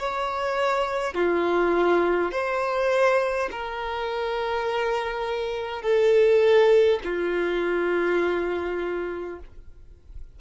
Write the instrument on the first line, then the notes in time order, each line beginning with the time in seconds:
violin
0.00 C#5
1.14 F4
2.32 C5
3.52 A#4
5.82 A4
7.04 F4